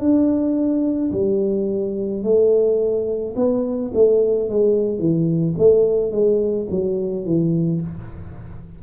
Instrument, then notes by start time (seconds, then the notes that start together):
tuba
0.00 D4
1.12 G3
2.24 A3
3.36 B3
3.94 A3
4.49 G#3
4.99 E3
5.58 A3
6.12 G#3
6.71 F#3
7.26 E3